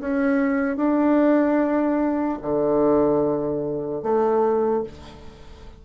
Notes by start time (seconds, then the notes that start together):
0.00 C#4
0.76 D4
2.42 D3
4.02 A3